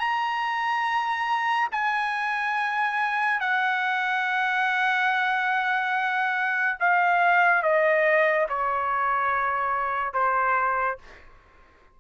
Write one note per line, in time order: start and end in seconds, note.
0.00 1.69 A#5
1.72 3.40 G#5
3.40 6.78 F#5
6.80 7.63 F5
7.63 8.47 D#5
8.49 10.14 C#5
10.14 10.99 C5